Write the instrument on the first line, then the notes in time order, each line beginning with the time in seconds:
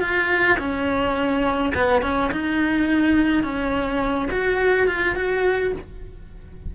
cello
0.00 F4
0.58 C#4
1.74 B3
2.02 C#4
2.31 D#4
3.43 C#4
4.31 F#4
4.87 F4
5.15 F#4